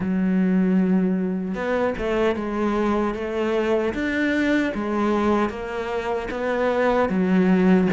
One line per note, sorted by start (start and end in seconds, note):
0.00 1.54 F#3
1.54 1.94 B3
1.97 2.35 A3
2.35 3.14 G#3
3.14 3.93 A3
3.93 4.72 D4
4.74 5.49 G#3
5.49 6.28 A#3
6.31 7.09 B3
7.09 7.88 F#3